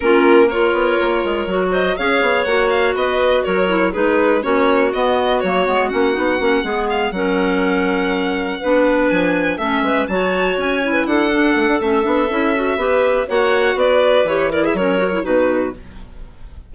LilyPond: <<
  \new Staff \with { instrumentName = "violin" } { \time 4/4 \tempo 4 = 122 ais'4 cis''2~ cis''8 dis''8 | f''4 fis''8 f''8 dis''4 cis''4 | b'4 cis''4 dis''4 cis''4 | fis''2 f''8 fis''4.~ |
fis''2~ fis''8 gis''4 e''8~ | e''8 a''4 gis''4 fis''4. | e''2. fis''4 | d''4 cis''8 d''16 e''16 cis''4 b'4 | }
  \new Staff \with { instrumentName = "clarinet" } { \time 4/4 f'4 ais'2~ ais'8 c''8 | cis''2 b'4 ais'4 | gis'4 fis'2.~ | fis'4. gis'4 ais'4.~ |
ais'4. b'2 a'8 | b'8 cis''4.~ cis''16 b'16 a'4.~ | a'2 b'4 cis''4 | b'4. ais'16 gis'16 ais'4 fis'4 | }
  \new Staff \with { instrumentName = "clarinet" } { \time 4/4 cis'4 f'2 fis'4 | gis'4 fis'2~ fis'8 e'8 | dis'4 cis'4 b4 ais8 b8 | cis'8 dis'8 cis'8 b4 cis'4.~ |
cis'4. d'2 cis'8~ | cis'8 fis'4. e'4 d'4 | cis'8 d'8 e'8 fis'8 g'4 fis'4~ | fis'4 g'8 e'8 cis'8 fis'16 e'16 dis'4 | }
  \new Staff \with { instrumentName = "bassoon" } { \time 4/4 ais4. b8 ais8 gis8 fis4 | cis'8 b8 ais4 b4 fis4 | gis4 ais4 b4 fis8 gis8 | ais8 b8 ais8 gis4 fis4.~ |
fis4. b4 f4 a8 | gis8 fis4 cis'4 d'4 a16 d'16 | a8 b8 cis'4 b4 ais4 | b4 e4 fis4 b,4 | }
>>